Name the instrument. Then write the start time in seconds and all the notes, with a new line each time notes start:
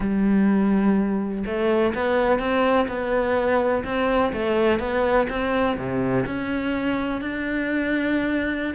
cello
0.00 G3
1.45 A3
1.94 B3
2.39 C4
2.88 B3
3.84 C4
4.32 A3
4.79 B3
5.29 C4
5.77 C3
6.26 C#4
7.21 D4